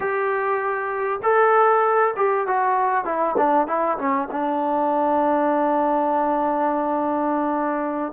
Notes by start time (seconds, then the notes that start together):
0.00 G4
1.22 A4
2.16 G4
2.47 F#4
3.04 E4
3.37 D4
3.67 E4
3.98 C#4
4.31 D4